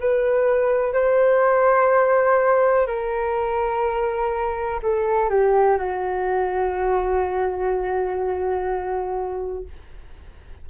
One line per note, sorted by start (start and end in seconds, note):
0.00 0.93 B4
0.93 2.87 C5
2.87 4.80 A#4
4.83 5.30 A4
5.30 5.78 G4
5.78 9.65 F#4